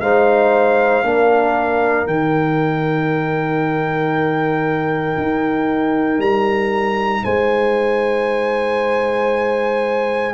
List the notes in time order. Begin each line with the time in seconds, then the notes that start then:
0.00 G#3 D#4 C5 F5
1.03 A#3 D4 A#4
2.06 D#3 D#4 G5
5.17 D#4
6.18 G3 A#5
7.23 G#3 C5 G#5